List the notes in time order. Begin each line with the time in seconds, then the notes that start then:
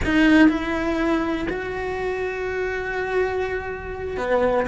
0.04 D#4
0.49 E4
1.49 F#4
4.17 B3